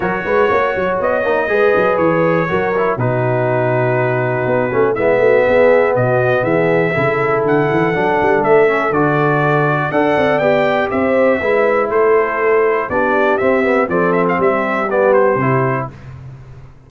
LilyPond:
<<
  \new Staff \with { instrumentName = "trumpet" } { \time 4/4 \tempo 4 = 121 cis''2 dis''2 | cis''2 b'2~ | b'2 e''2 | dis''4 e''2 fis''4~ |
fis''4 e''4 d''2 | fis''4 g''4 e''2 | c''2 d''4 e''4 | d''8 e''16 f''16 e''4 d''8 c''4. | }
  \new Staff \with { instrumentName = "horn" } { \time 4/4 ais'8 b'8 cis''2 b'4~ | b'4 ais'4 fis'2~ | fis'2 e'8 fis'8 gis'4 | fis'4 gis'4 a'2~ |
a'1 | d''2 c''4 b'4 | a'2 g'2 | a'4 g'2. | }
  \new Staff \with { instrumentName = "trombone" } { \time 4/4 fis'2~ fis'8 dis'8 gis'4~ | gis'4 fis'8 e'8 dis'2~ | dis'4. cis'8 b2~ | b2 e'2 |
d'4. cis'8 fis'2 | a'4 g'2 e'4~ | e'2 d'4 c'8 b8 | c'2 b4 e'4 | }
  \new Staff \with { instrumentName = "tuba" } { \time 4/4 fis8 gis8 ais8 fis8 b8 ais8 gis8 fis8 | e4 fis4 b,2~ | b,4 b8 a8 gis8 a8 b4 | b,4 e4 cis4 d8 e8 |
fis8 g8 a4 d2 | d'8 c'8 b4 c'4 gis4 | a2 b4 c'4 | f4 g2 c4 | }
>>